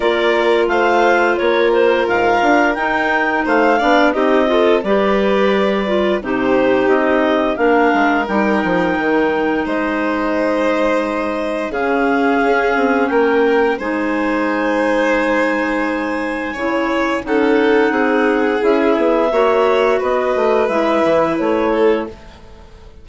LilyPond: <<
  \new Staff \with { instrumentName = "clarinet" } { \time 4/4 \tempo 4 = 87 d''4 f''4 cis''8 c''8 f''4 | g''4 f''4 dis''4 d''4~ | d''4 c''4 dis''4 f''4 | g''2 dis''2~ |
dis''4 f''2 g''4 | gis''1~ | gis''4 fis''2 e''4~ | e''4 dis''4 e''4 cis''4 | }
  \new Staff \with { instrumentName = "violin" } { \time 4/4 ais'4 c''4 ais'2~ | ais'4 c''8 d''8 g'8 a'8 b'4~ | b'4 g'2 ais'4~ | ais'2 c''2~ |
c''4 gis'2 ais'4 | c''1 | cis''4 a'4 gis'2 | cis''4 b'2~ b'8 a'8 | }
  \new Staff \with { instrumentName = "clarinet" } { \time 4/4 f'1 | dis'4. d'8 dis'8 f'8 g'4~ | g'8 f'8 dis'2 d'4 | dis'1~ |
dis'4 cis'2. | dis'1 | e'4 dis'2 e'4 | fis'2 e'2 | }
  \new Staff \with { instrumentName = "bassoon" } { \time 4/4 ais4 a4 ais4 gis,8 d'8 | dis'4 a8 b8 c'4 g4~ | g4 c4 c'4 ais8 gis8 | g8 f8 dis4 gis2~ |
gis4 cis4 cis'8 c'8 ais4 | gis1 | cis4 cis'4 c'4 cis'8 b8 | ais4 b8 a8 gis8 e8 a4 | }
>>